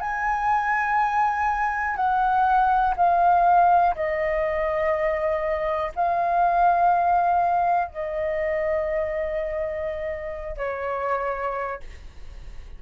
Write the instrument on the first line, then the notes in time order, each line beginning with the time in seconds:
flute
0.00 G#5
1.96 F#5
2.96 F5
3.95 D#5
5.95 F5
7.87 D#5
10.57 C#5